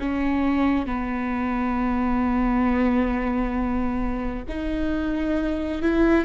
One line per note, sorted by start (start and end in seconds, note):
0.00 0.86 C#4
0.86 4.45 B3
4.49 5.82 D#4
5.82 6.25 E4